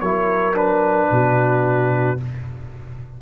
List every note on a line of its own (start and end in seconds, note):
0.00 1.10 F#3
0.00 0.54 E4
0.00 1.11 A#4
0.00 0.55 C#5
0.54 2.17 D4
0.54 2.20 B4
1.11 2.20 B2
1.11 2.21 F#4